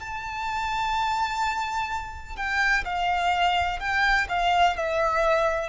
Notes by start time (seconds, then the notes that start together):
0.00 A5
2.37 G5
2.85 F5
3.80 G5
4.29 F5
4.77 E5